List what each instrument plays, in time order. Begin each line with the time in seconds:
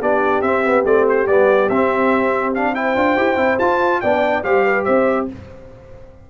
0.00 tuba B3, trombone D4, horn G4, trumpet D5
0.42 tuba C4, trombone C4, trumpet E5
0.64 trombone B3
0.85 tuba A3, trombone C4, trumpet D5
1.09 trumpet C5
1.27 tuba G3, trombone B3, trumpet D5
1.70 tuba C4, trombone C4, trumpet E5
2.55 trombone D4, trumpet F5
2.75 trombone E4, horn C5, trumpet G5
2.96 tuba D4, trombone F4
3.17 tuba E4, trombone G4
3.37 tuba C4, trombone E4
3.59 tuba F4, trombone F4, trumpet A5
4.01 tuba B3, trombone D4, horn D5, trumpet G5
4.44 tuba G3, trombone G4, horn C5, trumpet F5
4.65 horn B4
4.85 tuba C4, horn C5, trumpet E5